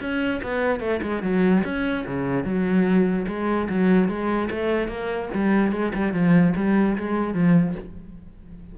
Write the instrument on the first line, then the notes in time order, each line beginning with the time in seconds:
cello
0.00 C#4
0.43 B3
0.80 A3
1.03 G#3
1.23 F#3
1.65 C#4
2.07 C#3
2.44 F#3
3.28 G#3
3.69 F#3
4.09 G#3
4.50 A3
4.88 A#3
5.34 G3
5.72 G#3
5.94 G3
6.13 F3
6.56 G3
6.98 G#3
7.34 F3